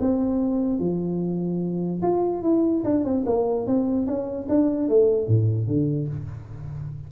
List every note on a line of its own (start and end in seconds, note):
0.00 0.79 C4
0.79 2.02 F3
2.02 2.42 F4
2.42 2.83 E4
2.84 3.04 D4
3.04 3.25 C4
3.26 3.67 A#3
3.67 4.06 C4
4.06 4.47 C#4
4.49 4.89 D4
4.89 5.28 A3
5.28 5.67 A2
5.67 6.08 D3